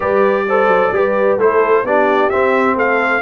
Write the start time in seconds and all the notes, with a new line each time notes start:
0.00 G3 G4 B4 D5
0.48 A4 C5
0.67 F#3
0.91 G3 G4 B4
1.37 A3 E4 A4 C5
1.83 B3 D4 G4 D5
2.29 C4 E5
2.75 A3 A4 F5